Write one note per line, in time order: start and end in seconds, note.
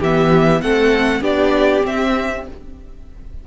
0.00 0.61 E3
0.00 0.63 B3
0.00 0.61 G4
0.00 0.61 E5
0.61 1.21 A3
0.61 1.21 C4
0.61 1.21 A4
0.61 1.23 F#5
1.21 1.82 B3
1.21 1.82 D4
1.21 2.43 G4
1.21 1.86 D5
1.82 2.43 C4
1.82 2.47 C4
1.82 2.48 E5